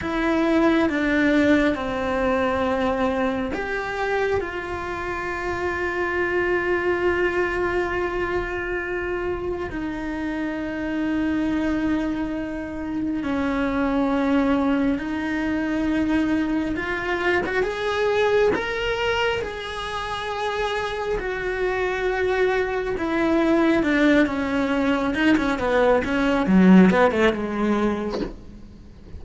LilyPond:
\new Staff \with { instrumentName = "cello" } { \time 4/4 \tempo 4 = 68 e'4 d'4 c'2 | g'4 f'2.~ | f'2. dis'4~ | dis'2. cis'4~ |
cis'4 dis'2 f'8. fis'16 | gis'4 ais'4 gis'2 | fis'2 e'4 d'8 cis'8~ | cis'8 dis'16 cis'16 b8 cis'8 fis8 b16 a16 gis4 | }